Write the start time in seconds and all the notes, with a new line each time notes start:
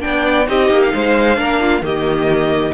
0.00 B3 D4 D5 G5
0.47 C4 D#4 G4 D#5
0.70 A#3
0.82 F5
0.94 G#3 C5
1.35 A#3 D4 A#4
1.60 F4
1.81 D#3 A#3 G4 D#5